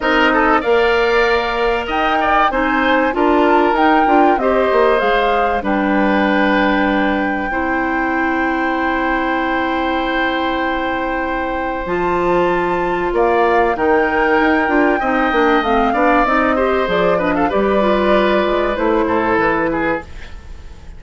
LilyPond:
<<
  \new Staff \with { instrumentName = "flute" } { \time 4/4 \tempo 4 = 96 dis''4 f''2 g''4 | gis''4 a''4 g''4 dis''4 | f''4 g''2.~ | g''1~ |
g''2. a''4~ | a''4 f''4 g''2~ | g''4 f''4 dis''4 d''8 dis''16 f''16 | d''2 c''4 b'4 | }
  \new Staff \with { instrumentName = "oboe" } { \time 4/4 ais'8 a'8 d''2 dis''8 d''8 | c''4 ais'2 c''4~ | c''4 b'2. | c''1~ |
c''1~ | c''4 d''4 ais'2 | dis''4. d''4 c''4 b'16 a'16 | b'2~ b'8 a'4 gis'8 | }
  \new Staff \with { instrumentName = "clarinet" } { \time 4/4 dis'4 ais'2. | dis'4 f'4 dis'8 f'8 g'4 | gis'4 d'2. | e'1~ |
e'2. f'4~ | f'2 dis'4. f'8 | dis'8 d'8 c'8 d'8 dis'8 g'8 gis'8 d'8 | g'8 f'4. e'2 | }
  \new Staff \with { instrumentName = "bassoon" } { \time 4/4 c'4 ais2 dis'4 | c'4 d'4 dis'8 d'8 c'8 ais8 | gis4 g2. | c'1~ |
c'2. f4~ | f4 ais4 dis4 dis'8 d'8 | c'8 ais8 a8 b8 c'4 f4 | g4. gis8 a8 a,8 e4 | }
>>